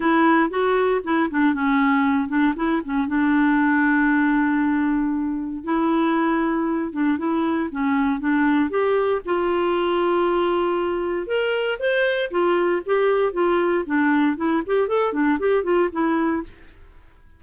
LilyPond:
\new Staff \with { instrumentName = "clarinet" } { \time 4/4 \tempo 4 = 117 e'4 fis'4 e'8 d'8 cis'4~ | cis'8 d'8 e'8 cis'8 d'2~ | d'2. e'4~ | e'4. d'8 e'4 cis'4 |
d'4 g'4 f'2~ | f'2 ais'4 c''4 | f'4 g'4 f'4 d'4 | e'8 g'8 a'8 d'8 g'8 f'8 e'4 | }